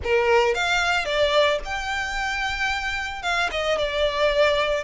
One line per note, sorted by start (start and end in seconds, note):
0.03 0.54 A#4
0.54 1.05 F5
1.05 1.59 D5
1.64 3.22 G5
3.22 3.49 F5
3.51 3.78 D#5
3.78 4.84 D5